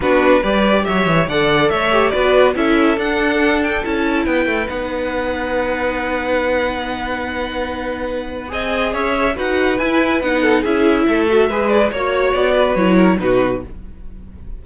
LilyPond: <<
  \new Staff \with { instrumentName = "violin" } { \time 4/4 \tempo 4 = 141 b'4 d''4 e''4 fis''4 | e''4 d''4 e''4 fis''4~ | fis''8 g''8 a''4 g''4 fis''4~ | fis''1~ |
fis''1 | gis''4 e''4 fis''4 gis''4 | fis''4 e''2~ e''8 d''8 | cis''4 d''4 cis''4 b'4 | }
  \new Staff \with { instrumentName = "violin" } { \time 4/4 fis'4 b'4 cis''4 d''4 | cis''4 b'4 a'2~ | a'2 b'2~ | b'1~ |
b'1 | dis''4 cis''4 b'2~ | b'8 a'8 gis'4 a'4 b'4 | cis''4. b'4 ais'8 fis'4 | }
  \new Staff \with { instrumentName = "viola" } { \time 4/4 d'4 g'2 a'4~ | a'8 g'8 fis'4 e'4 d'4~ | d'4 e'2 dis'4~ | dis'1~ |
dis'1 | gis'2 fis'4 e'4 | dis'4 e'4. fis'8 gis'4 | fis'2 e'4 dis'4 | }
  \new Staff \with { instrumentName = "cello" } { \time 4/4 b4 g4 fis8 e8 d4 | a4 b4 cis'4 d'4~ | d'4 cis'4 b8 a8 b4~ | b1~ |
b1 | c'4 cis'4 dis'4 e'4 | b4 cis'4 a4 gis4 | ais4 b4 fis4 b,4 | }
>>